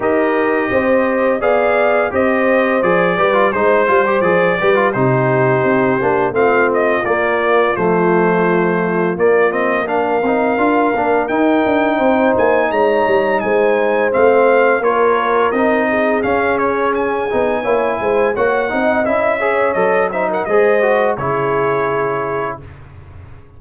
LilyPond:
<<
  \new Staff \with { instrumentName = "trumpet" } { \time 4/4 \tempo 4 = 85 dis''2 f''4 dis''4 | d''4 c''4 d''4 c''4~ | c''4 f''8 dis''8 d''4 c''4~ | c''4 d''8 dis''8 f''2 |
g''4. gis''8 ais''4 gis''4 | f''4 cis''4 dis''4 f''8 cis''8 | gis''2 fis''4 e''4 | dis''8 e''16 fis''16 dis''4 cis''2 | }
  \new Staff \with { instrumentName = "horn" } { \time 4/4 ais'4 c''4 d''4 c''4~ | c''8 b'8 c''4. b'8 g'4~ | g'4 f'2.~ | f'2 ais'2~ |
ais'4 c''4 cis''4 c''4~ | c''4 ais'4. gis'4.~ | gis'4 cis''8 c''8 cis''8 dis''4 cis''8~ | cis''8 c''16 ais'16 c''4 gis'2 | }
  \new Staff \with { instrumentName = "trombone" } { \time 4/4 g'2 gis'4 g'4 | gis'8 g'16 f'16 dis'8 f'16 g'16 gis'8 g'16 f'16 dis'4~ | dis'8 d'8 c'4 ais4 a4~ | a4 ais8 c'8 d'8 dis'8 f'8 d'8 |
dis'1 | c'4 f'4 dis'4 cis'4~ | cis'8 dis'8 e'4 fis'8 dis'8 e'8 gis'8 | a'8 dis'8 gis'8 fis'8 e'2 | }
  \new Staff \with { instrumentName = "tuba" } { \time 4/4 dis'4 c'4 b4 c'4 | f8 g8 gis8 g8 f8 g8 c4 | c'8 ais8 a4 ais4 f4~ | f4 ais4. c'8 d'8 ais8 |
dis'8 d'8 c'8 ais8 gis8 g8 gis4 | a4 ais4 c'4 cis'4~ | cis'8 b8 ais8 gis8 ais8 c'8 cis'4 | fis4 gis4 cis2 | }
>>